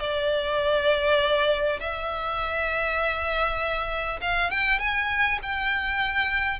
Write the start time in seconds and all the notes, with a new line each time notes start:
0.00 D5
1.80 E5
4.21 F5
4.51 G5
4.79 G#5
5.42 G5